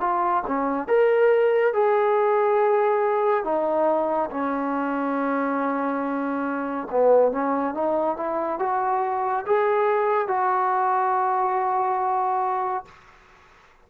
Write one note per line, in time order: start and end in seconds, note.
0.00 0.43 F4
0.47 0.88 C#4
0.88 1.73 A#4
1.73 3.44 G#4
3.44 4.30 D#4
4.31 6.88 C#4
6.90 7.32 B3
7.32 7.74 C#4
7.74 8.17 D#4
8.17 8.59 E4
8.59 9.45 F#4
9.46 10.28 G#4
10.28 12.85 F#4